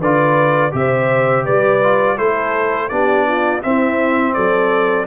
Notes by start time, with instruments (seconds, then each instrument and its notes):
0.00 tuba D3, trombone F4, horn B4, trumpet D5
0.71 tuba C3, trombone G4, trumpet E5
0.78 horn C5
1.44 tuba G3, horn B4, trumpet D5
1.83 trombone F4
2.17 tuba A3, trombone E4, horn A4, trumpet C5
2.89 tuba B3, trombone D4, horn G4, trumpet D5
3.27 horn F4
3.62 trombone C4, tuba C4, horn E4, trumpet E5
4.33 tuba F#3, horn A4, trumpet D5